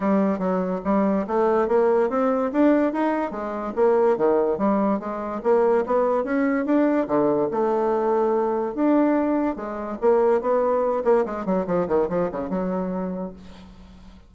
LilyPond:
\new Staff \with { instrumentName = "bassoon" } { \time 4/4 \tempo 4 = 144 g4 fis4 g4 a4 | ais4 c'4 d'4 dis'4 | gis4 ais4 dis4 g4 | gis4 ais4 b4 cis'4 |
d'4 d4 a2~ | a4 d'2 gis4 | ais4 b4. ais8 gis8 fis8 | f8 dis8 f8 cis8 fis2 | }